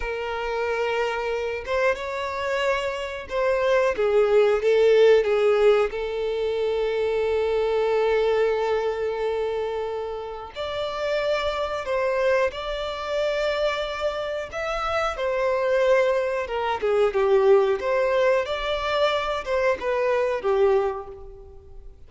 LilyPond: \new Staff \with { instrumentName = "violin" } { \time 4/4 \tempo 4 = 91 ais'2~ ais'8 c''8 cis''4~ | cis''4 c''4 gis'4 a'4 | gis'4 a'2.~ | a'1 |
d''2 c''4 d''4~ | d''2 e''4 c''4~ | c''4 ais'8 gis'8 g'4 c''4 | d''4. c''8 b'4 g'4 | }